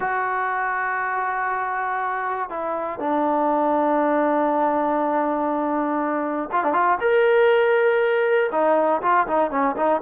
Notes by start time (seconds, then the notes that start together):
0.00 F#4
2.49 E4
2.99 D4
6.52 F4
6.63 D4
6.73 F4
7.00 A#4
8.51 D#4
9.02 F4
9.27 D#4
9.50 C#4
9.76 D#4